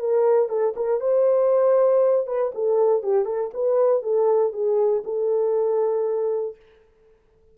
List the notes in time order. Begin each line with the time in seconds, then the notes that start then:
0.00 A#4
0.49 A4
0.76 A#4
1.01 C5
2.27 B4
2.55 A4
3.03 G4
3.26 A4
3.54 B4
4.03 A4
4.53 G#4
5.05 A4